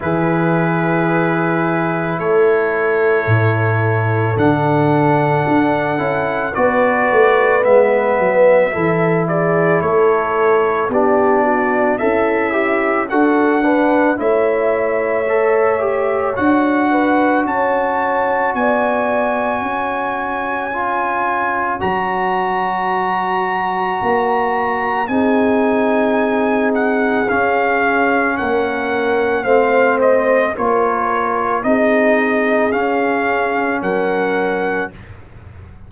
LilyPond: <<
  \new Staff \with { instrumentName = "trumpet" } { \time 4/4 \tempo 4 = 55 b'2 cis''2 | fis''2 d''4 e''4~ | e''8 d''8 cis''4 d''4 e''4 | fis''4 e''2 fis''4 |
a''4 gis''2. | ais''2. gis''4~ | gis''8 fis''8 f''4 fis''4 f''8 dis''8 | cis''4 dis''4 f''4 fis''4 | }
  \new Staff \with { instrumentName = "horn" } { \time 4/4 gis'2 a'2~ | a'2 b'2 | a'8 gis'8 a'4 g'8 fis'8 e'4 | a'8 b'8 cis''2~ cis''8 b'8 |
cis''4 d''4 cis''2~ | cis''2. gis'4~ | gis'2 ais'4 c''4 | ais'4 gis'2 ais'4 | }
  \new Staff \with { instrumentName = "trombone" } { \time 4/4 e'1 | d'4. e'8 fis'4 b4 | e'2 d'4 a'8 g'8 | fis'8 d'8 e'4 a'8 g'8 fis'4~ |
fis'2. f'4 | fis'2. dis'4~ | dis'4 cis'2 c'4 | f'4 dis'4 cis'2 | }
  \new Staff \with { instrumentName = "tuba" } { \time 4/4 e2 a4 a,4 | d4 d'8 cis'8 b8 a8 gis8 fis8 | e4 a4 b4 cis'4 | d'4 a2 d'4 |
cis'4 b4 cis'2 | fis2 ais4 c'4~ | c'4 cis'4 ais4 a4 | ais4 c'4 cis'4 fis4 | }
>>